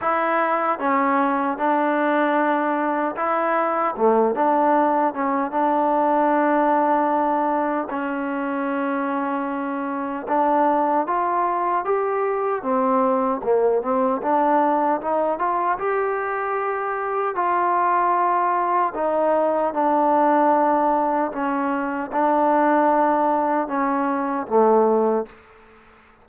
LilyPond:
\new Staff \with { instrumentName = "trombone" } { \time 4/4 \tempo 4 = 76 e'4 cis'4 d'2 | e'4 a8 d'4 cis'8 d'4~ | d'2 cis'2~ | cis'4 d'4 f'4 g'4 |
c'4 ais8 c'8 d'4 dis'8 f'8 | g'2 f'2 | dis'4 d'2 cis'4 | d'2 cis'4 a4 | }